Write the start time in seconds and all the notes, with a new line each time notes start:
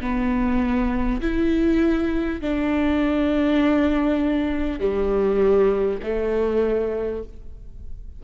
0.00 B3
1.21 E4
2.41 D4
4.79 G3
6.03 A3